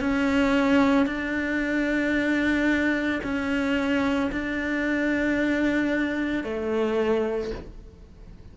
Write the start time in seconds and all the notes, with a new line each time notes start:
0.00 C#4
1.06 D4
3.23 C#4
4.31 D4
6.44 A3